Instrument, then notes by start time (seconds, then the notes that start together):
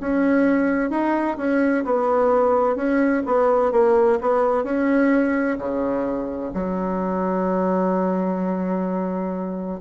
bassoon
0.00 C#4
0.90 D#4
1.37 C#4
1.85 B3
2.76 C#4
3.26 B3
3.72 A#3
4.21 B3
4.64 C#4
5.58 C#3
6.53 F#3